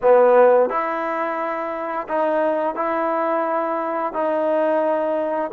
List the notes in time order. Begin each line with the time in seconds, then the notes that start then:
0.02 B3
0.69 E4
2.08 D#4
2.75 E4
4.13 D#4